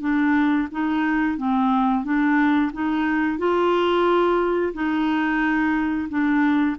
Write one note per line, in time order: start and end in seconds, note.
0.00 0.67 D4
0.71 1.37 D#4
1.37 2.04 C4
2.04 2.71 D4
2.73 3.38 D#4
3.38 4.73 F4
4.73 6.08 D#4
6.09 6.76 D4